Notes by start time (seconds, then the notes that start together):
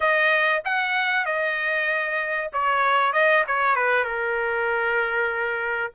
0.00 D#5
0.64 F#5
1.25 D#5
2.53 C#5
3.12 D#5
3.47 C#5
3.75 B4
4.04 A#4